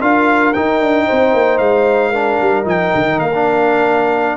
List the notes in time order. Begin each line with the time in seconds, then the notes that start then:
0.00 D4 F4 A#4 F5
0.53 D#4 G5
0.80 D4
1.05 C4 C5
1.33 A#3
1.58 G#3 F5
2.10 D4 A#4
2.40 G3
2.64 F3 D#4 G5
2.94 D#3
3.19 A#3 F5
3.34 D4